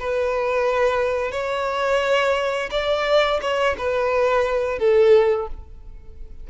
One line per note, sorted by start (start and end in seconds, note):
0.00 1.32 B4
1.32 2.70 C#5
2.71 3.40 D5
3.42 3.76 C#5
3.78 4.79 B4
4.79 5.48 A4